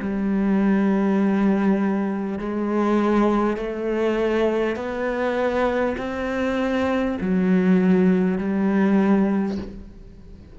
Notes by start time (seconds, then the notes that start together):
0.00 G3
2.39 G#3
3.57 A3
4.77 B3
5.98 C4
7.22 F#3
8.39 G3